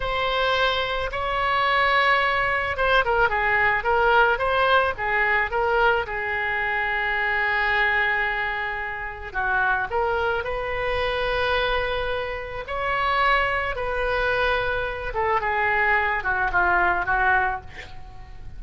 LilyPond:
\new Staff \with { instrumentName = "oboe" } { \time 4/4 \tempo 4 = 109 c''2 cis''2~ | cis''4 c''8 ais'8 gis'4 ais'4 | c''4 gis'4 ais'4 gis'4~ | gis'1~ |
gis'4 fis'4 ais'4 b'4~ | b'2. cis''4~ | cis''4 b'2~ b'8 a'8 | gis'4. fis'8 f'4 fis'4 | }